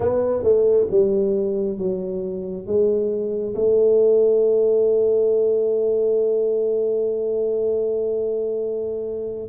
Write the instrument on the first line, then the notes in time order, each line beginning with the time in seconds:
tuba
0.00 B3
0.43 A3
0.90 G3
1.78 F#3
2.66 G#3
3.55 A3